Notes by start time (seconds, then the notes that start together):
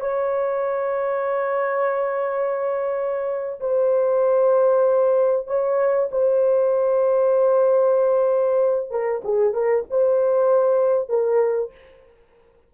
0.00 C#5
3.60 C5
5.47 C#5
6.11 C5
8.90 A#4
9.24 G#4
9.53 A#4
9.90 C5
11.09 A#4